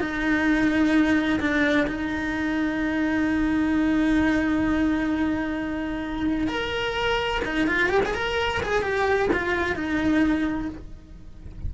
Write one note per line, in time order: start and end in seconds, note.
0.00 1.40 D#4
1.40 1.87 D4
1.87 6.48 D#4
6.48 7.41 A#4
7.44 7.67 D#4
7.67 7.89 F4
7.89 8.01 G4
8.05 8.15 G#4
8.15 8.61 A#4
8.63 8.82 G#4
8.82 9.29 G4
9.33 9.76 F4
9.76 10.69 D#4